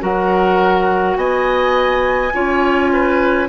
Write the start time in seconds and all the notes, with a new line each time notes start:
0.00 F#3 F#4 A#4 F#5
1.16 B3 D#5 G#5
2.34 C#4 F4 C#5
2.93 B4